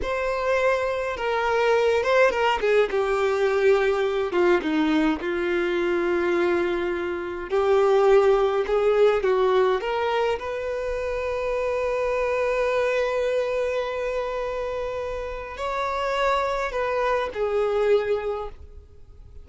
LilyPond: \new Staff \with { instrumentName = "violin" } { \time 4/4 \tempo 4 = 104 c''2 ais'4. c''8 | ais'8 gis'8 g'2~ g'8 f'8 | dis'4 f'2.~ | f'4 g'2 gis'4 |
fis'4 ais'4 b'2~ | b'1~ | b'2. cis''4~ | cis''4 b'4 gis'2 | }